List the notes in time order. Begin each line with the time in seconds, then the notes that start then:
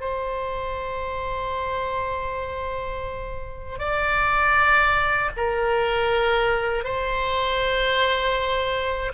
0.00 C5
3.78 D5
5.36 A#4
6.84 C5